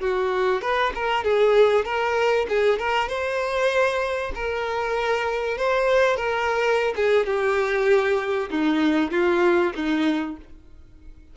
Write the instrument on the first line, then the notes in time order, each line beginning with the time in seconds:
violin
0.00 F#4
0.62 B4
0.95 A#4
1.24 G#4
1.85 A#4
2.49 G#4
2.79 A#4
3.08 C5
4.35 A#4
5.58 C5
6.17 A#4
6.96 G#4
7.26 G4
8.50 D#4
9.11 F4
9.75 D#4